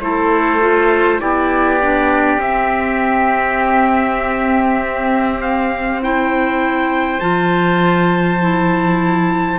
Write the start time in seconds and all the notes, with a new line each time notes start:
0.00 A3 E4 A4 C5
0.60 F4
1.20 B3 E4 G4 D5
1.81 D4
2.38 C4 E5
5.41 F5
6.02 E4 C5 G5
7.20 F3 F4 A5
8.41 E4